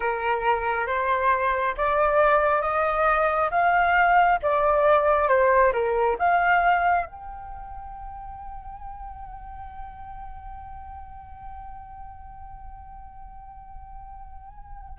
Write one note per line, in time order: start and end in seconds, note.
0.00 0.86 A#4
0.86 1.74 C5
1.77 2.61 D5
2.61 3.49 D#5
3.51 4.39 F5
4.42 5.28 D5
5.28 5.72 C5
5.72 6.16 A#4
6.18 7.06 F5
7.06 14.98 G5